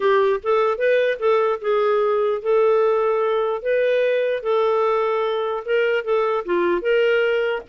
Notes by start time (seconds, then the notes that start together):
0.00 G4
0.43 A4
0.78 B4
1.19 A4
1.61 G#4
2.41 A4
3.62 B4
4.42 A4
5.65 A#4
6.04 A4
6.45 F4
6.81 A#4